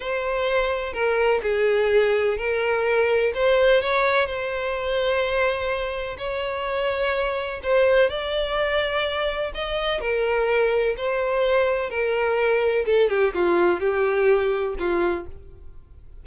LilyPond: \new Staff \with { instrumentName = "violin" } { \time 4/4 \tempo 4 = 126 c''2 ais'4 gis'4~ | gis'4 ais'2 c''4 | cis''4 c''2.~ | c''4 cis''2. |
c''4 d''2. | dis''4 ais'2 c''4~ | c''4 ais'2 a'8 g'8 | f'4 g'2 f'4 | }